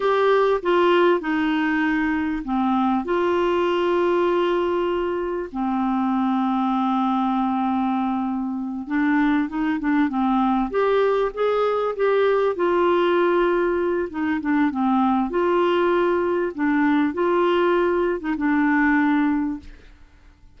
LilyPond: \new Staff \with { instrumentName = "clarinet" } { \time 4/4 \tempo 4 = 98 g'4 f'4 dis'2 | c'4 f'2.~ | f'4 c'2.~ | c'2~ c'8 d'4 dis'8 |
d'8 c'4 g'4 gis'4 g'8~ | g'8 f'2~ f'8 dis'8 d'8 | c'4 f'2 d'4 | f'4.~ f'16 dis'16 d'2 | }